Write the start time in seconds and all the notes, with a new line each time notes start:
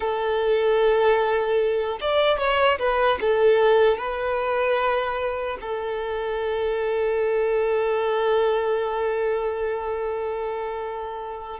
0.00 A4
2.00 D5
2.38 C#5
2.79 B4
3.20 A4
3.97 B4
5.60 A4